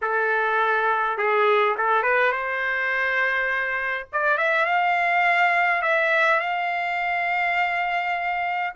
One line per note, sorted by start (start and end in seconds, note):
0.01 1.17 A4
1.17 1.75 G#4
1.77 2.02 A4
2.02 2.31 B4
2.32 4.06 C5
4.12 4.37 D5
4.37 4.65 E5
4.65 5.82 F5
5.82 6.40 E5
6.40 8.73 F5